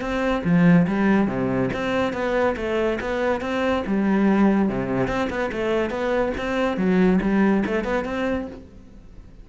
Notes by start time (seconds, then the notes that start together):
0.00 C4
0.44 F3
0.87 G3
1.27 C3
1.73 C4
2.13 B3
2.56 A3
3.00 B3
3.41 C4
3.86 G3
4.69 C3
5.07 C4
5.29 B3
5.52 A3
5.90 B3
6.37 C4
6.77 F#3
7.21 G3
7.65 A3
7.84 B3
8.04 C4